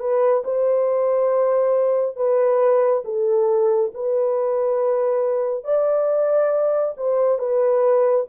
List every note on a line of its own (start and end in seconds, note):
0.00 0.43 B4
0.44 2.16 C5
2.16 3.03 B4
3.05 3.92 A4
3.94 5.64 B4
5.64 6.94 D5
6.97 7.39 C5
7.39 8.26 B4